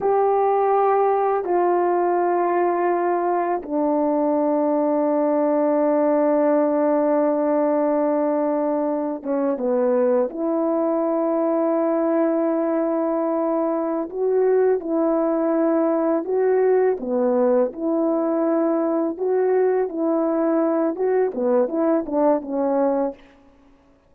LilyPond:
\new Staff \with { instrumentName = "horn" } { \time 4/4 \tempo 4 = 83 g'2 f'2~ | f'4 d'2.~ | d'1~ | d'8. cis'8 b4 e'4.~ e'16~ |
e'2.~ e'8 fis'8~ | fis'8 e'2 fis'4 b8~ | b8 e'2 fis'4 e'8~ | e'4 fis'8 b8 e'8 d'8 cis'4 | }